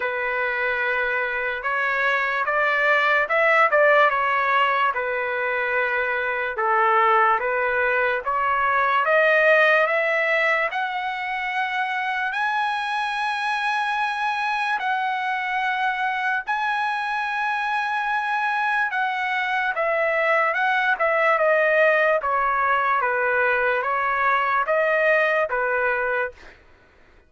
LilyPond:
\new Staff \with { instrumentName = "trumpet" } { \time 4/4 \tempo 4 = 73 b'2 cis''4 d''4 | e''8 d''8 cis''4 b'2 | a'4 b'4 cis''4 dis''4 | e''4 fis''2 gis''4~ |
gis''2 fis''2 | gis''2. fis''4 | e''4 fis''8 e''8 dis''4 cis''4 | b'4 cis''4 dis''4 b'4 | }